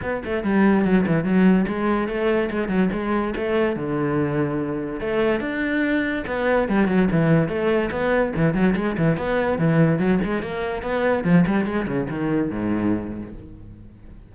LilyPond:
\new Staff \with { instrumentName = "cello" } { \time 4/4 \tempo 4 = 144 b8 a8 g4 fis8 e8 fis4 | gis4 a4 gis8 fis8 gis4 | a4 d2. | a4 d'2 b4 |
g8 fis8 e4 a4 b4 | e8 fis8 gis8 e8 b4 e4 | fis8 gis8 ais4 b4 f8 g8 | gis8 cis8 dis4 gis,2 | }